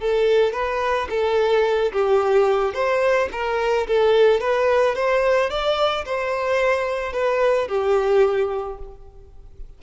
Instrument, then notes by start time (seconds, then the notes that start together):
violin
0.00 A4
0.53 B4
1.09 A4
1.92 G4
2.74 C5
3.32 A#4
3.87 A4
4.40 B4
4.95 C5
5.50 D5
6.05 C5
7.13 B4
7.68 G4